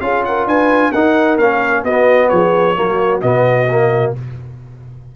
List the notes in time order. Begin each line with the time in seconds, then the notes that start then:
0.00 C#4 F4 G#4 F5
0.24 A#4 F#5
0.45 D4 B4 G#5
0.91 D#4 A#4 F#5
1.37 A#3 C#4 F5
1.83 B3 F#4 D#5
2.29 F3 G#4 C#5
2.75 F#3 A#3 F#4
3.21 B2 B3 D#5
3.70 A#3